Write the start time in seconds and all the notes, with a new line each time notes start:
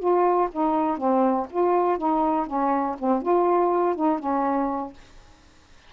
0.00 F4
0.52 D#4
0.98 C4
1.51 F4
1.98 D#4
2.47 C#4
2.99 C4
3.23 F4
3.96 D#4
4.20 C#4